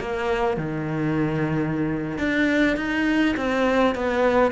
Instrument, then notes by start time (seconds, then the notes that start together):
cello
0.00 A#3
0.56 D#3
2.18 D4
2.76 D#4
3.36 C4
3.95 B3